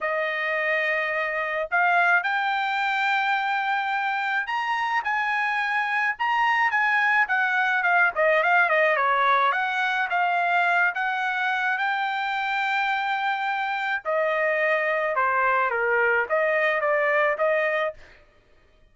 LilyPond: \new Staff \with { instrumentName = "trumpet" } { \time 4/4 \tempo 4 = 107 dis''2. f''4 | g''1 | ais''4 gis''2 ais''4 | gis''4 fis''4 f''8 dis''8 f''8 dis''8 |
cis''4 fis''4 f''4. fis''8~ | fis''4 g''2.~ | g''4 dis''2 c''4 | ais'4 dis''4 d''4 dis''4 | }